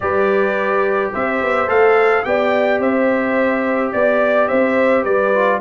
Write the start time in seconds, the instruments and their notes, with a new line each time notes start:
0.00 tuba G3, trombone G4, horn B4, trumpet D5
1.12 tuba C4, horn C5, trumpet E5
1.41 tuba B3
1.67 tuba A3, trombone A4, trumpet F5
2.24 tuba B3, trombone G4, horn D5, trumpet G5
2.79 tuba C4, horn C5, trumpet E5
3.92 tuba B3, trumpet D5, horn D5
4.47 tuba C4, horn C5, trumpet E5
5.02 tuba G3, horn B4, trumpet D5
5.34 trombone F4